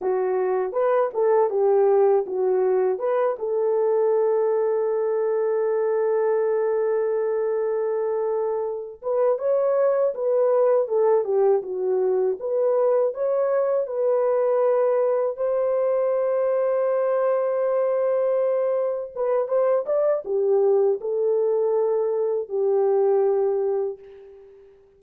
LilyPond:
\new Staff \with { instrumentName = "horn" } { \time 4/4 \tempo 4 = 80 fis'4 b'8 a'8 g'4 fis'4 | b'8 a'2.~ a'8~ | a'1 | b'8 cis''4 b'4 a'8 g'8 fis'8~ |
fis'8 b'4 cis''4 b'4.~ | b'8 c''2.~ c''8~ | c''4. b'8 c''8 d''8 g'4 | a'2 g'2 | }